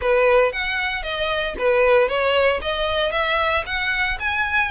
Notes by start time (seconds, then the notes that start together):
0.01 B4
0.52 F#5
1.02 D#5
1.58 B4
2.08 C#5
2.61 D#5
3.11 E5
3.65 F#5
4.19 G#5